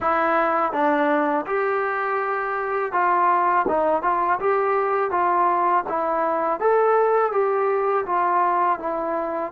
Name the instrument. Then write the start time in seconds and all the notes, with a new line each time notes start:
trombone
0.00 E4
0.72 D4
1.46 G4
2.92 F4
3.68 D#4
4.02 F4
4.39 G4
5.11 F4
5.89 E4
6.60 A4
7.32 G4
8.06 F4
8.79 E4